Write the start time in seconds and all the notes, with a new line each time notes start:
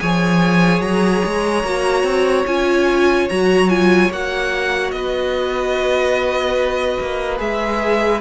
0.00 F3 G#4 C#5 G#5
0.81 F#3 A#5
1.25 G#3
1.64 A#3 F#4
2.03 C4
2.47 C#4 F4 G#5
3.29 F#3 F#4 A#5
3.69 F4 G#5
4.10 A#3 F#4 F#5
4.91 B3 B4 D#5
7.01 A#3
7.38 G#3 G#4 E5